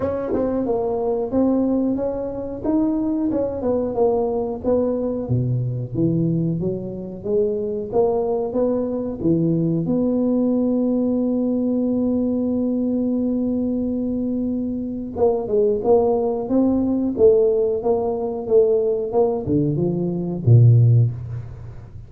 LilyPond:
\new Staff \with { instrumentName = "tuba" } { \time 4/4 \tempo 4 = 91 cis'8 c'8 ais4 c'4 cis'4 | dis'4 cis'8 b8 ais4 b4 | b,4 e4 fis4 gis4 | ais4 b4 e4 b4~ |
b1~ | b2. ais8 gis8 | ais4 c'4 a4 ais4 | a4 ais8 d8 f4 ais,4 | }